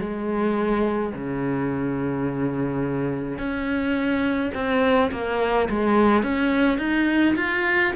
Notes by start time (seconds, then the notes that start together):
0.00 G#3
1.14 C#3
3.38 C#4
4.54 C4
5.12 A#3
5.70 G#3
6.23 C#4
6.78 D#4
7.36 F4